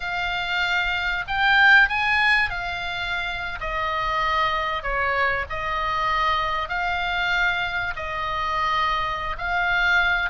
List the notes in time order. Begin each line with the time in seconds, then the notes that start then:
0.00 F5
1.27 G5
1.89 G#5
2.50 F5
3.60 D#5
4.82 C#5
5.49 D#5
6.68 F5
7.95 D#5
9.38 F5